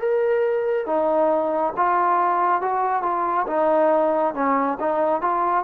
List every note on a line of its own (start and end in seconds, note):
0.00 0.87 A#4
0.87 1.74 D#4
1.77 2.62 F4
2.62 3.03 F#4
3.03 3.46 F4
3.47 4.34 D#4
4.34 4.78 C#4
4.80 5.22 D#4
5.22 5.64 F4